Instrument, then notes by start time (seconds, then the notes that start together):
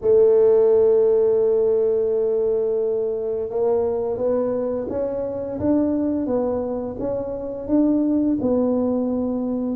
tuba
0.01 A3
3.49 A#3
4.17 B3
4.89 C#4
5.59 D4
6.26 B3
6.99 C#4
7.67 D4
8.41 B3